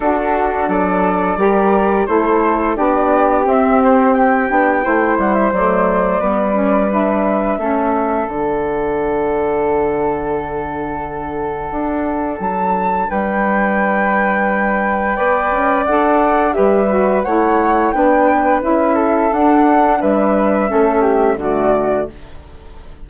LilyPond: <<
  \new Staff \with { instrumentName = "flute" } { \time 4/4 \tempo 4 = 87 a'4 d''2 c''4 | d''4 e''8 c''8 g''4. fis''16 e''16 | d''2 e''2 | fis''1~ |
fis''2 a''4 g''4~ | g''2. fis''4 | e''4 fis''4 g''4 e''4 | fis''4 e''2 d''4 | }
  \new Staff \with { instrumentName = "flute" } { \time 4/4 fis'4 a'4 ais'4 a'4 | g'2. c''4~ | c''4 b'2 a'4~ | a'1~ |
a'2. b'4~ | b'2 d''2 | b'4 cis''4 b'4. a'8~ | a'4 b'4 a'8 g'8 fis'4 | }
  \new Staff \with { instrumentName = "saxophone" } { \time 4/4 d'2 g'4 e'4 | d'4 c'4. d'8 e'4 | a4 b8 cis'8 d'4 cis'4 | d'1~ |
d'1~ | d'2 b'4 a'4 | g'8 fis'8 e'4 d'4 e'4 | d'2 cis'4 a4 | }
  \new Staff \with { instrumentName = "bassoon" } { \time 4/4 d'4 fis4 g4 a4 | b4 c'4. b8 a8 g8 | fis4 g2 a4 | d1~ |
d4 d'4 fis4 g4~ | g2 b8 cis'8 d'4 | g4 a4 b4 cis'4 | d'4 g4 a4 d4 | }
>>